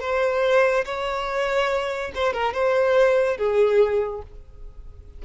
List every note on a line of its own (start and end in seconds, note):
0.00 0.85 C5
0.85 2.12 C#5
2.14 2.33 C5
2.33 2.53 A#4
2.53 3.37 C5
3.37 4.22 G#4